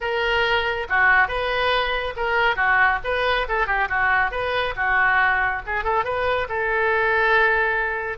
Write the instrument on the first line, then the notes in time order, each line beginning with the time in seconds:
oboe
0.00 A#4
0.89 F#4
1.27 B4
2.16 A#4
2.56 F#4
3.04 B4
3.48 A4
3.66 G4
3.88 F#4
4.31 B4
4.75 F#4
5.66 G#4
5.84 A4
6.04 B4
6.48 A4